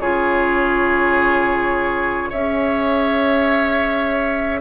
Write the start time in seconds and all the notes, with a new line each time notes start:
0.00 C#3 F4 G#4 C#5
2.30 C#4 G#4 C#5 E5